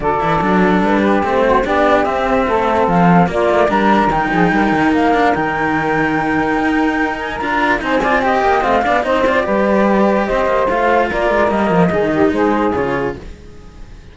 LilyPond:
<<
  \new Staff \with { instrumentName = "flute" } { \time 4/4 \tempo 4 = 146 d''2 b'4 c''4 | d''4 e''2 f''4 | d''4 ais''4 g''2 | f''4 g''2.~ |
g''4. gis''8 ais''4 gis''4 | g''4 f''4 dis''8 d''4.~ | d''4 dis''4 f''4 d''4 | dis''2 c''4 cis''4 | }
  \new Staff \with { instrumentName = "saxophone" } { \time 4/4 a'2~ a'8 g'4 fis'8 | g'2 a'2 | f'4 ais'4. gis'8 ais'4~ | ais'1~ |
ais'2. c''8 d''8 | dis''4. d''8 c''4 b'4~ | b'4 c''2 ais'4~ | ais'4 gis'8 g'8 gis'2 | }
  \new Staff \with { instrumentName = "cello" } { \time 4/4 fis'8 e'8 d'2 c'4 | d'4 c'2. | ais4 d'4 dis'2~ | dis'8 d'8 dis'2.~ |
dis'2 f'4 dis'8 f'8 | g'4 c'8 d'8 dis'8 f'8 g'4~ | g'2 f'2 | ais4 dis'2 f'4 | }
  \new Staff \with { instrumentName = "cello" } { \time 4/4 d8 e8 fis4 g4 a4 | b4 c'4 a4 f4 | ais8 a8 g4 dis8 f8 g8 dis8 | ais4 dis2. |
dis'2 d'4 c'4~ | c'8 ais8 a8 b8 c'4 g4~ | g4 c'8 ais8 a4 ais8 gis8 | g8 f8 dis4 gis4 cis4 | }
>>